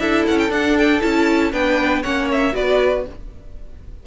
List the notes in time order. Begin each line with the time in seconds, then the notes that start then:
0.00 D4 E4 A4 E5
0.28 C#4 F#5
0.39 G5
0.50 D4 F#5
0.78 G5
1.01 C#4 E4 A5
1.53 B3 D4 B4 G5
2.03 A#3 C#4 C#5 F#5
2.32 E5
2.53 B3 F#4 B4 D5